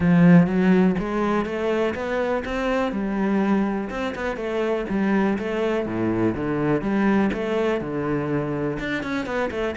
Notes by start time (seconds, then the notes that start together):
0.00 F3
0.46 F#3
0.98 G#3
1.45 A3
1.94 B3
2.44 C4
2.92 G3
3.90 C4
4.15 B3
4.36 A3
4.89 G3
5.38 A3
5.86 A2
6.35 D3
6.81 G3
7.33 A3
7.80 D3
8.79 D4
9.03 C#4
9.25 B3
9.50 A3